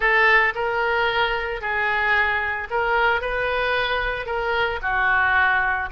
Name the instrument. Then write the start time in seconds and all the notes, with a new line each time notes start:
oboe
0.00 A4
0.55 A#4
1.61 G#4
2.70 A#4
3.21 B4
4.26 A#4
4.82 F#4